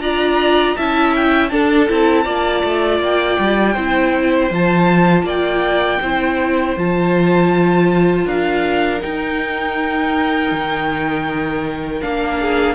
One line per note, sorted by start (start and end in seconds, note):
0.00 0.75 D4
0.00 0.77 F4
0.00 0.77 D5
0.00 0.77 A#5
0.77 1.52 C#4
0.77 1.50 E4
0.77 1.52 E5
0.77 1.14 A5
1.16 1.49 G5
1.49 1.88 D4
1.49 1.90 D4
1.49 2.25 A4
1.49 2.99 A5
1.88 2.26 C4
1.88 2.25 E4
2.25 2.63 A#3
2.25 3.75 F4
2.25 3.74 D5
2.64 3.00 A3
3.00 3.37 A#3
3.00 4.54 G5
3.39 3.76 G3
3.74 4.51 C4
3.74 4.51 E4
3.74 5.24 C5
4.51 5.23 F3
4.51 6.01 F4
4.51 5.29 A5
5.23 5.98 A#3
5.23 6.01 D5
5.23 6.79 G5
6.02 6.77 C4
6.02 6.77 E4
6.02 8.27 C5
6.77 8.26 F3
6.77 9.00 F4
6.77 8.28 A5
8.26 9.01 D4
8.26 12.39 A#4
8.26 9.02 F5
9.00 12.00 D#4
9.00 10.52 D#4
9.00 12.02 G5
10.52 12.02 D#3
12.02 12.75 A#3
12.02 12.75 D4
12.02 12.75 F5
12.41 12.75 G#4